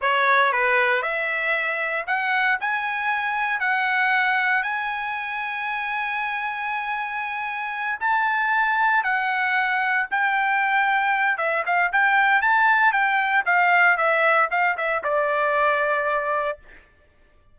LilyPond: \new Staff \with { instrumentName = "trumpet" } { \time 4/4 \tempo 4 = 116 cis''4 b'4 e''2 | fis''4 gis''2 fis''4~ | fis''4 gis''2.~ | gis''2.~ gis''8 a''8~ |
a''4. fis''2 g''8~ | g''2 e''8 f''8 g''4 | a''4 g''4 f''4 e''4 | f''8 e''8 d''2. | }